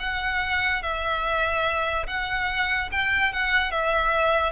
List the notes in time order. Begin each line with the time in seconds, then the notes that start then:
0.00 F#5
0.83 E5
2.07 F#5
2.92 G5
3.33 F#5
3.71 E5